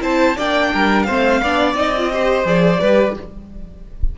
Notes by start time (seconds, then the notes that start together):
0.00 C4 E4 C5 A5
0.36 A#3 D4 D5 G5
0.73 G3 A#4
1.02 C4 C5 F5
1.10 A3
1.42 B3 D4 D5
1.74 C4 D#4 D#5
1.97 F4
2.12 G4 C5
2.44 F3 G#4 D5
2.80 G3 G4 B4